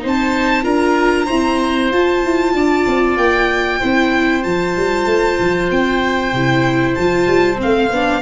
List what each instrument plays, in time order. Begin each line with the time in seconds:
0.00 tuba C4, viola D#4, oboe C5
0.08 violin A5
0.63 tuba D4, viola F4, oboe A#4, violin A#5
1.26 viola C4, tuba E4, oboe C5
1.92 tuba F4, viola F4, violin A5
2.23 tuba E4
2.54 tuba D4, oboe D5
2.87 tuba C4
3.17 tuba A#3, violin G5
3.80 tuba C4, viola E4, oboe C5
4.43 tuba F3, viola F4, violin A5
4.77 tuba G3
5.06 tuba A3
5.40 tuba F3
5.71 tuba C4, violin G5
6.33 tuba C3, viola E4
6.95 tuba F3, viola F4, violin A5
7.28 tuba G3
7.57 viola C4
7.63 tuba A3, violin F5
7.91 tuba B3, viola D4